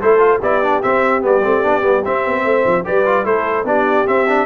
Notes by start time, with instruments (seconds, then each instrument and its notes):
0.00 tuba A3, trombone E4, horn A4, trumpet C5
0.19 trombone F4
0.39 tuba B3, trombone E4, horn G4, trumpet D5
0.62 trombone D4
0.82 trombone C4, tuba C4, trumpet E5
1.21 tuba G3, trombone B3, trumpet D5
1.43 tuba A3, trombone C4
1.63 tuba B3, trombone D4
1.81 tuba G3, trombone B3
2.04 trombone C4, tuba C4, trumpet E5
2.25 tuba B3
2.44 tuba A3, horn C5
2.65 tuba F3
2.84 tuba G3, trombone G4, horn B4, trumpet D5
3.05 trombone F4
3.24 tuba A3, trombone E4, horn A4, trumpet C5
3.64 tuba B3, trombone D4, horn G4, trumpet D5
4.06 trombone C4, tuba C4, trumpet E5
4.28 trombone D4